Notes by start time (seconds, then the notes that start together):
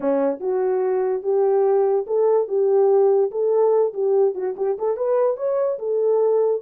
0.00 C#4
0.39 F#4
1.22 G4
2.06 A4
2.48 G4
3.31 A4
3.93 G4
4.34 F#4
4.56 G4
4.78 A4
4.96 B4
5.37 C#5
5.79 A4